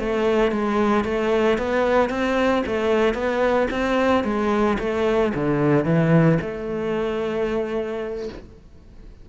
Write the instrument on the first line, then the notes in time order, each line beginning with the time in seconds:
cello
0.00 A3
0.52 G#3
1.05 A3
1.58 B3
2.10 C4
2.67 A3
3.14 B3
3.71 C4
4.24 G#3
4.80 A3
5.35 D3
5.85 E3
6.41 A3